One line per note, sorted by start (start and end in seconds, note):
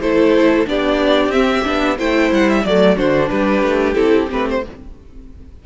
0.00 0.66 A3
0.00 0.66 E4
0.00 0.68 A4
0.00 0.66 C5
0.66 1.27 B3
0.66 1.32 D4
0.66 1.97 G4
0.66 1.31 D5
1.27 1.60 C4
1.27 1.64 C4
1.27 1.97 E5
1.64 1.99 B3
1.64 1.97 D4
1.97 2.32 A3
1.97 2.64 E4
1.97 2.62 C5
1.97 2.32 G5
2.32 2.64 G3
2.32 2.49 F#5
2.49 2.65 E5
2.62 2.97 F#3
2.62 2.96 A3
2.62 2.95 D5
2.62 2.98 D5
2.96 3.30 D3
2.96 3.95 D4
2.96 3.29 F#4
2.96 3.29 C5
3.29 3.62 G3
3.29 4.62 G4
3.29 3.94 B4
3.62 3.95 A3
3.94 4.28 C4
3.94 4.28 E4
3.94 4.27 A4
4.29 4.65 A3
4.29 4.62 C4
4.29 4.49 B4
4.49 4.65 C5